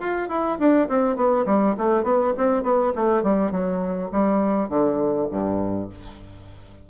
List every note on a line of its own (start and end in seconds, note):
0.00 0.29 F4
0.29 0.59 E4
0.59 0.89 D4
0.89 1.17 C4
1.17 1.46 B3
1.47 1.76 G3
1.78 2.04 A3
2.04 2.33 B3
2.38 2.63 C4
2.63 2.93 B3
2.96 3.23 A3
3.23 3.52 G3
3.52 4.10 F#3
4.12 4.70 G3
4.70 5.28 D3
5.31 5.90 G2